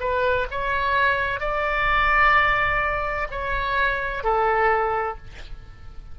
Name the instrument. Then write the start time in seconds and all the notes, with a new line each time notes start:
oboe
0.00 B4
0.51 C#5
1.40 D5
3.31 C#5
4.24 A4